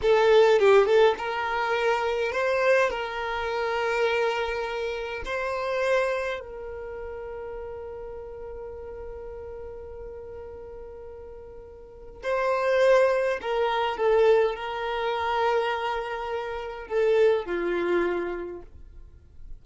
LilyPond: \new Staff \with { instrumentName = "violin" } { \time 4/4 \tempo 4 = 103 a'4 g'8 a'8 ais'2 | c''4 ais'2.~ | ais'4 c''2 ais'4~ | ais'1~ |
ais'1~ | ais'4 c''2 ais'4 | a'4 ais'2.~ | ais'4 a'4 f'2 | }